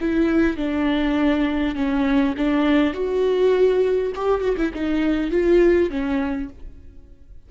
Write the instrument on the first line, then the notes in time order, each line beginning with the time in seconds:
viola
0.00 E4
0.56 D4
1.75 C#4
2.37 D4
2.93 F#4
4.15 G4
4.40 F#4
4.57 E4
4.73 D#4
5.31 F4
5.89 C#4